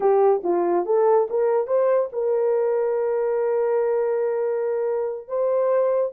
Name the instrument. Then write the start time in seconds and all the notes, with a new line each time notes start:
horn
0.00 G4
0.43 F4
0.85 A4
1.30 A#4
1.67 C5
2.12 A#4
5.27 C5